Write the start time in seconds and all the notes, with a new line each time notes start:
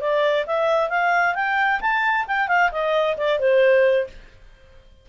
0.00 D5
0.46 E5
0.89 F5
1.35 G5
1.80 A5
2.27 G5
2.48 F5
2.71 D#5
3.17 D5
3.39 C5